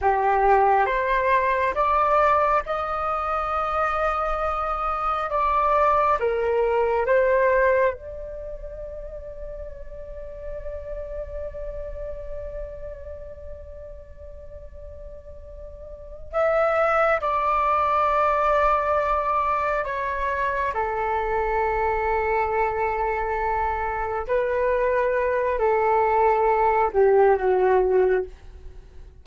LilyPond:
\new Staff \with { instrumentName = "flute" } { \time 4/4 \tempo 4 = 68 g'4 c''4 d''4 dis''4~ | dis''2 d''4 ais'4 | c''4 d''2.~ | d''1~ |
d''2~ d''8 e''4 d''8~ | d''2~ d''8 cis''4 a'8~ | a'2.~ a'8 b'8~ | b'4 a'4. g'8 fis'4 | }